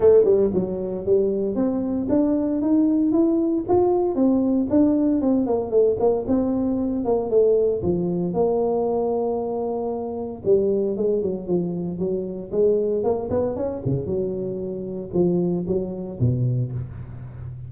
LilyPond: \new Staff \with { instrumentName = "tuba" } { \time 4/4 \tempo 4 = 115 a8 g8 fis4 g4 c'4 | d'4 dis'4 e'4 f'4 | c'4 d'4 c'8 ais8 a8 ais8 | c'4. ais8 a4 f4 |
ais1 | g4 gis8 fis8 f4 fis4 | gis4 ais8 b8 cis'8 cis8 fis4~ | fis4 f4 fis4 b,4 | }